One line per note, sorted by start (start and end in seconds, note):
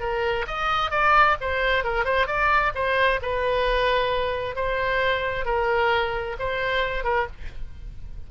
0.00 0.45 A#4
0.47 0.91 D#5
0.91 1.36 D5
1.41 1.84 C5
1.84 2.05 A#4
2.05 2.27 C5
2.27 2.72 D5
2.75 3.20 C5
3.22 4.56 B4
4.56 5.45 C5
5.45 6.36 A#4
6.39 7.04 C5
7.04 7.27 A#4